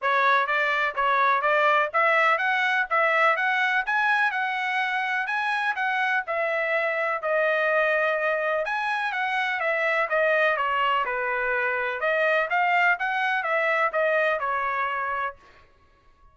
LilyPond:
\new Staff \with { instrumentName = "trumpet" } { \time 4/4 \tempo 4 = 125 cis''4 d''4 cis''4 d''4 | e''4 fis''4 e''4 fis''4 | gis''4 fis''2 gis''4 | fis''4 e''2 dis''4~ |
dis''2 gis''4 fis''4 | e''4 dis''4 cis''4 b'4~ | b'4 dis''4 f''4 fis''4 | e''4 dis''4 cis''2 | }